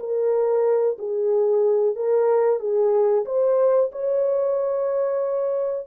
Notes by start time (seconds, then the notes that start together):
0.00 A#4
0.98 G#4
1.96 A#4
2.60 G#4
3.26 C5
3.92 C#5